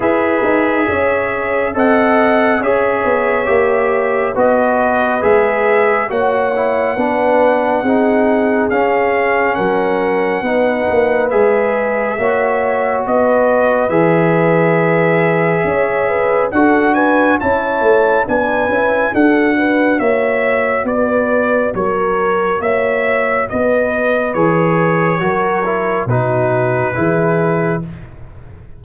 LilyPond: <<
  \new Staff \with { instrumentName = "trumpet" } { \time 4/4 \tempo 4 = 69 e''2 fis''4 e''4~ | e''4 dis''4 e''4 fis''4~ | fis''2 f''4 fis''4~ | fis''4 e''2 dis''4 |
e''2. fis''8 gis''8 | a''4 gis''4 fis''4 e''4 | d''4 cis''4 e''4 dis''4 | cis''2 b'2 | }
  \new Staff \with { instrumentName = "horn" } { \time 4/4 b'4 cis''4 dis''4 cis''4~ | cis''4 b'2 cis''4 | b'4 gis'2 ais'4 | b'2 cis''4 b'4~ |
b'2 cis''8 b'8 a'8 b'8 | cis''4 b'4 a'8 b'8 cis''4 | b'4 ais'4 cis''4 b'4~ | b'4 ais'4 fis'4 gis'4 | }
  \new Staff \with { instrumentName = "trombone" } { \time 4/4 gis'2 a'4 gis'4 | g'4 fis'4 gis'4 fis'8 e'8 | d'4 dis'4 cis'2 | dis'4 gis'4 fis'2 |
gis'2. fis'4 | e'4 d'8 e'8 fis'2~ | fis'1 | gis'4 fis'8 e'8 dis'4 e'4 | }
  \new Staff \with { instrumentName = "tuba" } { \time 4/4 e'8 dis'8 cis'4 c'4 cis'8 b8 | ais4 b4 gis4 ais4 | b4 c'4 cis'4 fis4 | b8 ais8 gis4 ais4 b4 |
e2 cis'4 d'4 | cis'8 a8 b8 cis'8 d'4 ais4 | b4 fis4 ais4 b4 | e4 fis4 b,4 e4 | }
>>